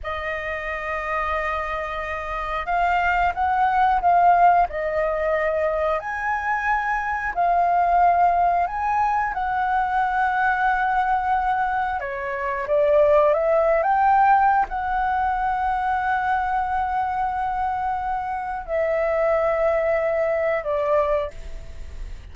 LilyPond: \new Staff \with { instrumentName = "flute" } { \time 4/4 \tempo 4 = 90 dis''1 | f''4 fis''4 f''4 dis''4~ | dis''4 gis''2 f''4~ | f''4 gis''4 fis''2~ |
fis''2 cis''4 d''4 | e''8. g''4~ g''16 fis''2~ | fis''1 | e''2. d''4 | }